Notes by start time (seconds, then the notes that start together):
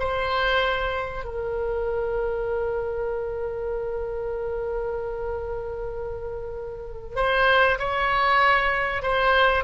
0.00 C5
1.25 A#4
7.16 C5
7.79 C#5
9.03 C5